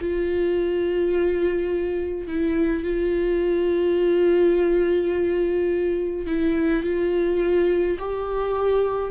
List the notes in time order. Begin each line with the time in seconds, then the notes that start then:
0.00 F4
2.27 E4
2.83 F4
6.26 E4
6.83 F4
7.98 G4